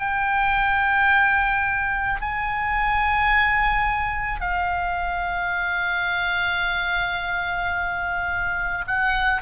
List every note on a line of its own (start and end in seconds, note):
0.00 2.21 G5
2.21 4.41 G#5
4.41 8.85 F5
8.87 9.42 F#5